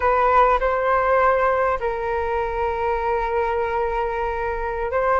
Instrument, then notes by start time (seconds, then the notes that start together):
flute
0.00 B4
0.59 C5
1.80 A#4
4.91 C5